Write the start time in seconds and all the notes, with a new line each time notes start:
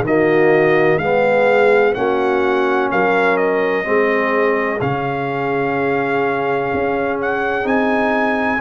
0.00 D#3 F#4
0.06 A#3 D#5
0.98 G#3 B3 G#4 F5
1.94 A#3 C#4 F#4 F#5
2.91 F#3 A#4 F5
3.37 D#5
3.84 G#3 C4 G#4
4.81 C#3 C#4 F5
6.73 C#4
7.21 F#5
7.63 C4 D#4 G#5